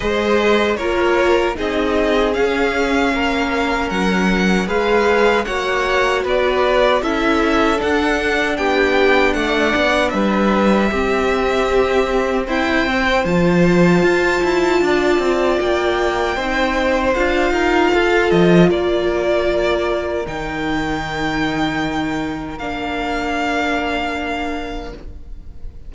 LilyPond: <<
  \new Staff \with { instrumentName = "violin" } { \time 4/4 \tempo 4 = 77 dis''4 cis''4 dis''4 f''4~ | f''4 fis''4 f''4 fis''4 | d''4 e''4 fis''4 g''4 | fis''4 e''2. |
g''4 a''2. | g''2 f''4. dis''8 | d''2 g''2~ | g''4 f''2. | }
  \new Staff \with { instrumentName = "violin" } { \time 4/4 c''4 ais'4 gis'2 | ais'2 b'4 cis''4 | b'4 a'2 g'4 | d''4 b'4 g'2 |
c''2. d''4~ | d''4 c''4. ais'8 a'4 | ais'1~ | ais'1 | }
  \new Staff \with { instrumentName = "viola" } { \time 4/4 gis'4 f'4 dis'4 cis'4~ | cis'2 gis'4 fis'4~ | fis'4 e'4 d'2~ | d'2 c'2~ |
c'4 f'2.~ | f'4 dis'4 f'2~ | f'2 dis'2~ | dis'4 d'2. | }
  \new Staff \with { instrumentName = "cello" } { \time 4/4 gis4 ais4 c'4 cis'4 | ais4 fis4 gis4 ais4 | b4 cis'4 d'4 b4 | a8 b8 g4 c'2 |
e'8 c'8 f4 f'8 e'8 d'8 c'8 | ais4 c'4 d'8 dis'8 f'8 f8 | ais2 dis2~ | dis4 ais2. | }
>>